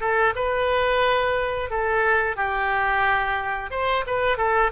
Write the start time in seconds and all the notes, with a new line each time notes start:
0.00 A4
0.35 B4
1.70 A4
2.36 G4
3.71 C5
4.06 B4
4.37 A4